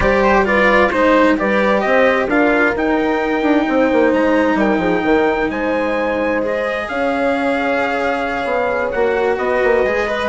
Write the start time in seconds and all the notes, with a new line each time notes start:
0.00 G3 G4 C5 D5
0.23 C5
0.45 F4 B4 D5
0.90 G#3 D#4 C5
1.37 G3 G4 B4 D5
1.80 C4 D#5
1.87 C5
2.27 D4 F4 A#4 F5
2.76 D#4 G5
3.42 D4
3.66 C4 C5
3.92 A#3
4.12 G#3 A#5
4.54 G3 A#4 G5
4.77 F3 G#4
5.03 D#3 A#4
5.49 G#3 C5 G#5
6.42 G#4 D#5
6.88 C#4 C#5 F5
8.44 B3
8.91 A#3 F#4 F#5
9.37 B3 B4 D#5
9.63 A#3
9.84 G#3 G#4
10.07 B4 D#5